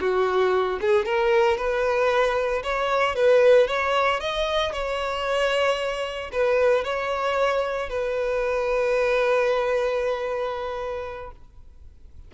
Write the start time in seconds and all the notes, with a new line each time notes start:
0.00 F#4
0.81 G#4
1.05 A#4
1.57 B4
2.63 C#5
3.15 B4
3.67 C#5
4.20 D#5
4.72 C#5
6.32 B4
6.84 C#5
7.89 B4